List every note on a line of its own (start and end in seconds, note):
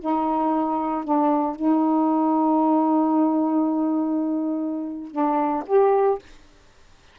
0.00 1.04 D#4
1.04 1.56 D4
1.56 5.11 D#4
5.11 5.64 D4
5.67 6.19 G4